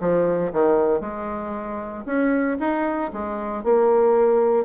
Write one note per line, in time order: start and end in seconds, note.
0.00 0.52 F3
0.52 1.01 D#3
1.01 2.04 G#3
2.05 2.57 C#4
2.60 3.11 D#4
3.13 3.64 G#3
3.64 4.65 A#3